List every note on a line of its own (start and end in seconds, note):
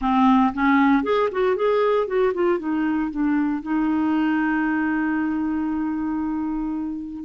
0.01 0.53 C4
0.53 1.03 C#4
1.03 1.29 G#4
1.31 1.55 F#4
1.55 2.07 G#4
2.07 2.33 F#4
2.33 2.59 F4
2.59 3.10 D#4
3.10 3.62 D4
3.62 7.24 D#4